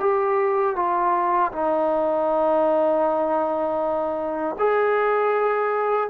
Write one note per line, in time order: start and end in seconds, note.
0.00 0.76 G4
0.76 1.52 F4
1.52 4.56 D#4
4.58 6.10 G#4